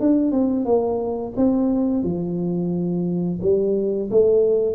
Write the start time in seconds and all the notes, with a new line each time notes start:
0.00 D4
0.31 C4
0.65 A#3
1.36 C4
2.03 F3
3.41 G3
4.10 A3